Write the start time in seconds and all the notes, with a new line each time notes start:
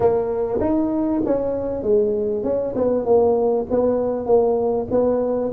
0.00 A#3
0.60 D#4
1.25 C#4
1.82 G#3
2.43 C#4
2.76 B3
3.05 A#3
3.70 B3
4.26 A#3
4.91 B3